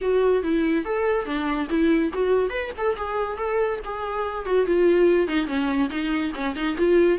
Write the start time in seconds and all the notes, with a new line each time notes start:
0.01 F#4
0.42 E4
0.85 A4
1.25 D4
1.69 E4
2.13 F#4
2.49 B4
2.77 A4
2.96 G#4
3.37 A4
3.84 G#4
4.45 F#4
4.65 F4
5.27 D#4
5.46 C#4
5.89 D#4
6.35 C#4
6.55 D#4
6.77 F4